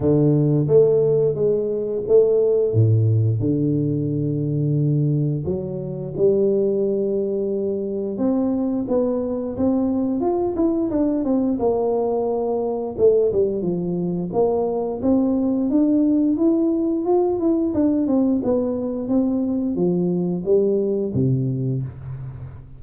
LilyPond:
\new Staff \with { instrumentName = "tuba" } { \time 4/4 \tempo 4 = 88 d4 a4 gis4 a4 | a,4 d2. | fis4 g2. | c'4 b4 c'4 f'8 e'8 |
d'8 c'8 ais2 a8 g8 | f4 ais4 c'4 d'4 | e'4 f'8 e'8 d'8 c'8 b4 | c'4 f4 g4 c4 | }